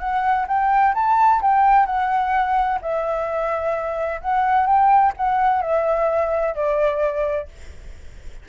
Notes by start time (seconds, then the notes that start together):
0.00 F#5
0.48 G5
0.95 A5
1.42 G5
1.86 F#5
2.82 E5
4.22 F#5
4.67 G5
5.17 F#5
5.62 E5
6.55 D5